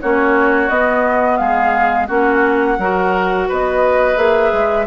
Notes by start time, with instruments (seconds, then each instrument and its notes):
0.00 bassoon A#3, clarinet C#4, oboe F#4, flute C#5
0.69 clarinet B3, bassoon B3, flute D#5
1.37 bassoon G#3, oboe G#4, flute F5
2.07 bassoon A#3, clarinet C#4, oboe F#4, flute F#5
2.78 bassoon F#3, clarinet F#4, oboe A#4
3.48 bassoon B3, oboe B4, flute D#5
4.16 bassoon A#3, clarinet G#4, flute E5
4.53 bassoon G#3